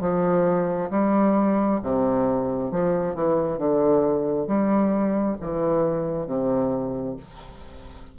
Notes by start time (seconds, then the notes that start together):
0.00 F3
0.90 G3
1.82 C3
2.71 F3
3.14 E3
3.57 D3
4.47 G3
5.41 E3
6.26 C3